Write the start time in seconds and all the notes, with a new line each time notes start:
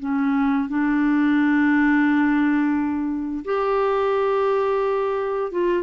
0.00 C#4
0.69 D4
3.45 G4
5.52 F4